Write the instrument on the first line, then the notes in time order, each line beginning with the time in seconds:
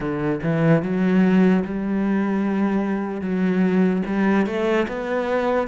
cello
0.00 D3
0.42 E3
0.82 F#3
1.64 G3
3.21 F#3
4.05 G3
4.46 A3
4.88 B3